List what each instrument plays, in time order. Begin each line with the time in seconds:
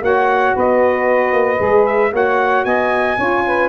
0.00 tuba A#3, saxophone F#4 C#5, trumpet F#5
0.54 tuba B3, saxophone B4, trumpet D#5
1.32 tuba A#3
1.57 tuba G#3, saxophone G#4
1.86 trumpet E5
2.11 tuba A#3, saxophone F#4 C#5, trumpet F#5
2.64 tuba B3, saxophone D#5, trumpet G#5
3.17 tuba C#4, saxophone F4 C#5
3.46 saxophone B4